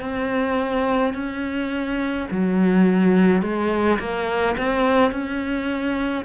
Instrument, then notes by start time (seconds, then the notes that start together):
cello
0.00 C4
1.13 C#4
2.30 F#3
3.42 G#3
3.99 A#3
4.57 C4
5.11 C#4